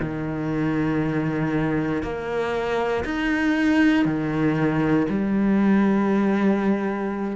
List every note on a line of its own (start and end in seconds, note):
0.00 2.03 D#3
2.03 3.05 A#3
3.05 4.05 D#4
4.05 5.07 D#3
5.10 7.36 G3